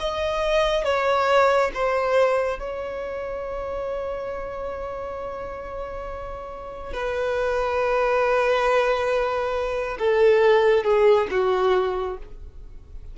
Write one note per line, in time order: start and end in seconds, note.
0.00 0.85 D#5
0.85 1.72 C#5
1.74 2.60 C5
2.60 6.94 C#5
6.94 9.98 B4
9.99 10.84 A4
10.84 11.28 G#4
11.31 12.18 F#4